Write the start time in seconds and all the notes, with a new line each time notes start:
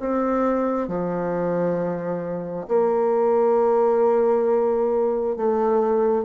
0.00 C4
0.88 F3
2.68 A#3
5.36 A3